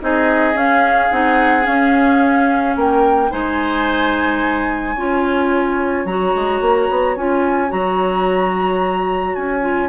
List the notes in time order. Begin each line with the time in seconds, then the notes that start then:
0.00 C4 D#4 G#4 D#5
0.53 C#4 F5
1.11 C4 D#4 F#5
1.62 C#4 F5
2.75 A#3 A#4 G5
3.30 G#3 D#4 C5 G#5
4.94 C#4 F4 C#5
6.05 F#3 F#4 A#5
6.35 G#3
6.60 A#3
6.90 B3
7.16 C#4 F4 G#5
7.68 F#3 F#4 A#5
9.34 C#4 G#5
9.61 F4